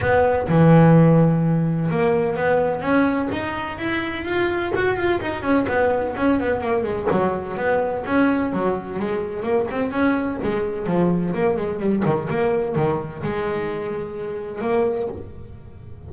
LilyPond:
\new Staff \with { instrumentName = "double bass" } { \time 4/4 \tempo 4 = 127 b4 e2. | ais4 b4 cis'4 dis'4 | e'4 f'4 fis'8 f'8 dis'8 cis'8 | b4 cis'8 b8 ais8 gis8 fis4 |
b4 cis'4 fis4 gis4 | ais8 c'8 cis'4 gis4 f4 | ais8 gis8 g8 dis8 ais4 dis4 | gis2. ais4 | }